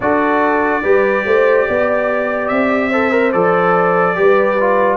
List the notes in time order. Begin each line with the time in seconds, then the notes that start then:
0.00 D4 F#4 A4 D5
0.82 G3 G4 B4
1.25 A3 C5
1.67 B3 D5
2.47 C4 E5
2.89 A4 C5
3.11 A#4
3.31 F3 A4 D5
4.15 G3 G4 B4
4.60 F4